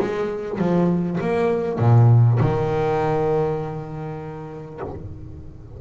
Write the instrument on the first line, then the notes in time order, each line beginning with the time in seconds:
double bass
0.00 G#3
0.59 F3
1.21 A#3
1.78 A#2
2.41 D#3